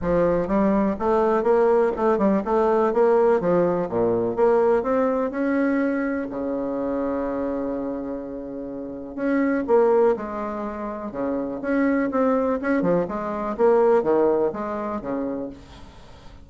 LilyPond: \new Staff \with { instrumentName = "bassoon" } { \time 4/4 \tempo 4 = 124 f4 g4 a4 ais4 | a8 g8 a4 ais4 f4 | ais,4 ais4 c'4 cis'4~ | cis'4 cis2.~ |
cis2. cis'4 | ais4 gis2 cis4 | cis'4 c'4 cis'8 f8 gis4 | ais4 dis4 gis4 cis4 | }